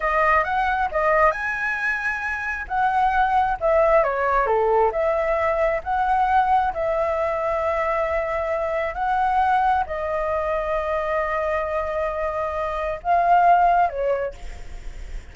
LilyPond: \new Staff \with { instrumentName = "flute" } { \time 4/4 \tempo 4 = 134 dis''4 fis''4 dis''4 gis''4~ | gis''2 fis''2 | e''4 cis''4 a'4 e''4~ | e''4 fis''2 e''4~ |
e''1 | fis''2 dis''2~ | dis''1~ | dis''4 f''2 cis''4 | }